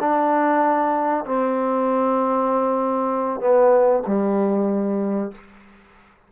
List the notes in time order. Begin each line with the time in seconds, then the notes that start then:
0.00 D4
1.26 C4
3.41 B3
4.07 G3